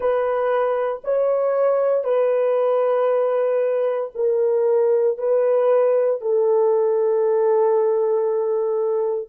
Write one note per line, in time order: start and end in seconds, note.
0.00 1.01 B4
1.03 2.04 C#5
2.04 4.11 B4
4.14 5.18 A#4
5.18 6.21 B4
6.21 9.29 A4